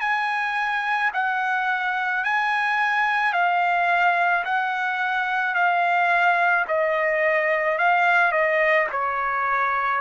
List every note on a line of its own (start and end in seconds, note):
0.00 1.11 G#5
1.14 2.24 F#5
2.24 3.33 G#5
3.33 4.44 F5
4.45 5.55 F#5
5.55 6.66 F5
6.68 7.78 D#5
7.78 8.32 F5
8.32 8.87 D#5
8.92 10.01 C#5